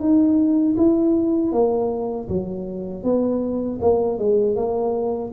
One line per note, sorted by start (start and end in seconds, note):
0.00 0.76 D#4
0.77 1.52 E4
1.52 2.28 A#3
2.29 3.03 F#3
3.03 3.79 B3
3.81 4.19 A#3
4.19 4.56 G#3
4.56 5.32 A#3